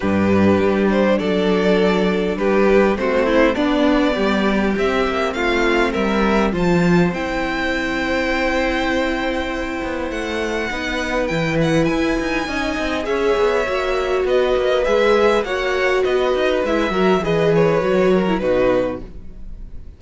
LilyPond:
<<
  \new Staff \with { instrumentName = "violin" } { \time 4/4 \tempo 4 = 101 b'4. c''8 d''2 | b'4 c''4 d''2 | e''4 f''4 e''4 a''4 | g''1~ |
g''4 fis''2 g''8 fis''8 | gis''2 e''2 | dis''4 e''4 fis''4 dis''4 | e''4 dis''8 cis''4. b'4 | }
  \new Staff \with { instrumentName = "violin" } { \time 4/4 g'2 a'2 | g'4 fis'8 e'8 d'4 g'4~ | g'4 f'4 ais'4 c''4~ | c''1~ |
c''2 b'2~ | b'4 dis''4 cis''2 | b'2 cis''4 b'4~ | b'8 ais'8 b'4. ais'8 fis'4 | }
  \new Staff \with { instrumentName = "viola" } { \time 4/4 d'1~ | d'4 c'4 b2 | c'2. f'4 | e'1~ |
e'2 dis'4 e'4~ | e'4 dis'4 gis'4 fis'4~ | fis'4 gis'4 fis'2 | e'8 fis'8 gis'4 fis'8. e'16 dis'4 | }
  \new Staff \with { instrumentName = "cello" } { \time 4/4 g,4 g4 fis2 | g4 a4 b4 g4 | c'8 ais8 a4 g4 f4 | c'1~ |
c'8 b8 a4 b4 e4 | e'8 dis'8 cis'8 c'8 cis'8 b8 ais4 | b8 ais8 gis4 ais4 b8 dis'8 | gis8 fis8 e4 fis4 b,4 | }
>>